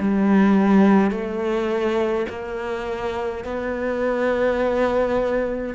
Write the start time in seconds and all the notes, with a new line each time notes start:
0.00 G3
1.11 A3
2.30 A#3
3.45 B3